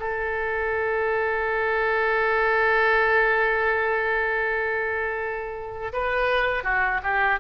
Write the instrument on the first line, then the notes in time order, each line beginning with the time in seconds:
oboe
0.00 A4
5.93 B4
6.64 F#4
7.03 G4